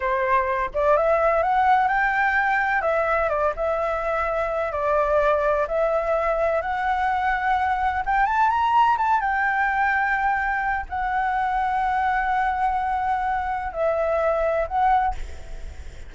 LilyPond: \new Staff \with { instrumentName = "flute" } { \time 4/4 \tempo 4 = 127 c''4. d''8 e''4 fis''4 | g''2 e''4 d''8 e''8~ | e''2 d''2 | e''2 fis''2~ |
fis''4 g''8 a''8 ais''4 a''8 g''8~ | g''2. fis''4~ | fis''1~ | fis''4 e''2 fis''4 | }